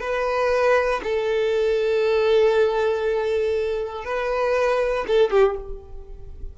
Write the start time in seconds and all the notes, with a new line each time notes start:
0.00 B4
1.03 A4
4.04 B4
5.07 A4
5.30 G4